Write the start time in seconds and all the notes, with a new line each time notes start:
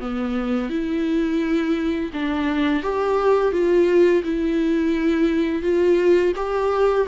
0.00 B3
0.69 E4
2.13 D4
2.83 G4
3.52 F4
4.23 E4
5.62 F4
6.36 G4